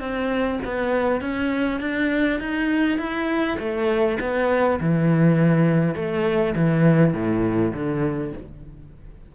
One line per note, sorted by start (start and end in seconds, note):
0.00 0.59 C4
0.65 1.21 B3
1.21 1.80 C#4
1.80 2.40 D4
2.40 2.98 D#4
2.98 3.58 E4
3.59 4.18 A3
4.20 4.80 B3
4.80 5.95 E3
5.95 6.55 A3
6.56 7.13 E3
7.13 7.73 A2
7.74 8.33 D3